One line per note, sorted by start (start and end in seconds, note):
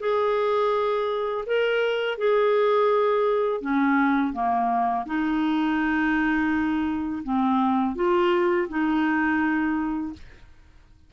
0.00 1.45 G#4
1.47 2.18 A#4
2.18 3.61 G#4
3.61 4.33 C#4
4.33 5.05 A#3
5.06 7.23 D#4
7.24 7.96 C4
7.96 8.68 F4
8.68 10.13 D#4